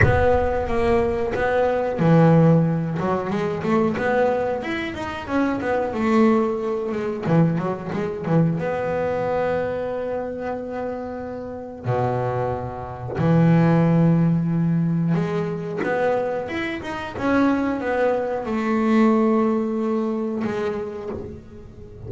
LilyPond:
\new Staff \with { instrumentName = "double bass" } { \time 4/4 \tempo 4 = 91 b4 ais4 b4 e4~ | e8 fis8 gis8 a8 b4 e'8 dis'8 | cis'8 b8 a4. gis8 e8 fis8 | gis8 e8 b2.~ |
b2 b,2 | e2. gis4 | b4 e'8 dis'8 cis'4 b4 | a2. gis4 | }